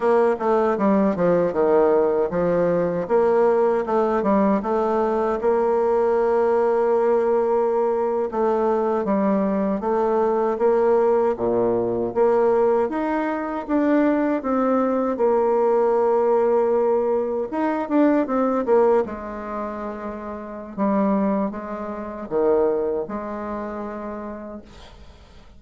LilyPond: \new Staff \with { instrumentName = "bassoon" } { \time 4/4 \tempo 4 = 78 ais8 a8 g8 f8 dis4 f4 | ais4 a8 g8 a4 ais4~ | ais2~ ais8. a4 g16~ | g8. a4 ais4 ais,4 ais16~ |
ais8. dis'4 d'4 c'4 ais16~ | ais2~ ais8. dis'8 d'8 c'16~ | c'16 ais8 gis2~ gis16 g4 | gis4 dis4 gis2 | }